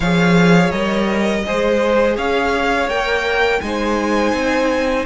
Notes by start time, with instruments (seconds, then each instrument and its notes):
0.00 cello F3, viola G#4, violin C#5 F5
0.71 cello G3, viola A#4, violin D#5
1.45 cello G#3, viola G#4, violin C5
2.16 cello C#4, violin C#5 F5
2.87 cello A#3, viola A#4, violin G5
3.60 cello G#3, viola D#4, violin C5 G#5
4.33 cello C4